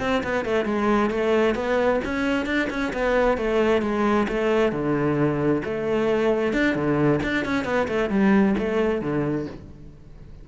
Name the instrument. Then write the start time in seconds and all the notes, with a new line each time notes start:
cello
0.00 C4
0.23 B3
0.45 A3
0.65 G#3
1.11 A3
1.55 B3
2.05 C#4
2.46 D4
2.70 C#4
2.93 B3
3.38 A3
3.82 G#3
4.28 A3
4.72 D3
5.65 A3
6.53 D4
6.75 D3
7.23 D4
7.45 C#4
7.65 B3
7.88 A3
8.10 G3
8.58 A3
9.01 D3